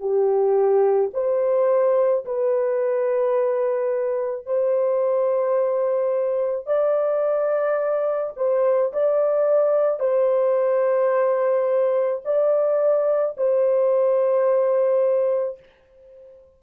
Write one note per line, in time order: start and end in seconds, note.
0.00 1.11 G4
1.14 2.25 C5
2.25 4.46 B4
4.46 6.67 C5
6.67 8.33 D5
8.36 8.92 C5
8.93 9.99 D5
9.99 12.22 C5
12.25 13.36 D5
13.37 15.60 C5